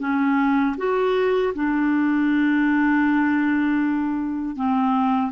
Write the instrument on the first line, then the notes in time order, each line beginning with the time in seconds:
clarinet
0.00 C#4
0.78 F#4
1.55 D4
4.56 C4